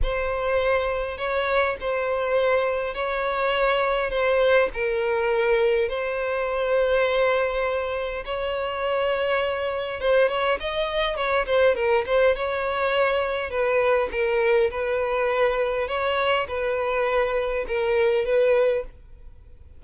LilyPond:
\new Staff \with { instrumentName = "violin" } { \time 4/4 \tempo 4 = 102 c''2 cis''4 c''4~ | c''4 cis''2 c''4 | ais'2 c''2~ | c''2 cis''2~ |
cis''4 c''8 cis''8 dis''4 cis''8 c''8 | ais'8 c''8 cis''2 b'4 | ais'4 b'2 cis''4 | b'2 ais'4 b'4 | }